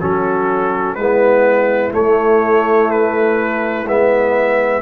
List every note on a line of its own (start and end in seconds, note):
0.00 0.96 F#3
0.00 0.98 C#4
0.00 0.97 F#4
0.00 0.96 A4
0.96 1.93 G#3
0.96 1.92 B3
0.96 4.83 E4
0.96 1.92 B4
1.92 3.86 A3
1.92 2.91 C#5
2.91 3.88 B4
3.86 4.83 G#3
3.86 4.83 B3
3.86 4.83 E5